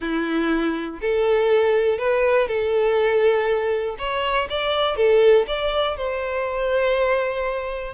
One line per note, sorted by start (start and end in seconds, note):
0.00 0.99 E4
1.01 1.98 A4
1.98 2.47 B4
2.47 3.96 A4
3.98 4.48 C#5
4.49 4.96 D5
4.96 5.46 A4
5.47 5.96 D5
5.97 7.93 C5